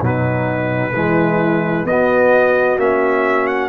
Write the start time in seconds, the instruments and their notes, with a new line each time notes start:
0.00 tuba B2, trombone F#3, horn D#4, trumpet B4
0.94 tuba E3, trombone G#3, horn E4
1.84 tuba B3, trombone B3, horn F#4, trumpet D#5
2.77 tuba A#3, trombone C#4, trumpet E5
3.47 trumpet F#5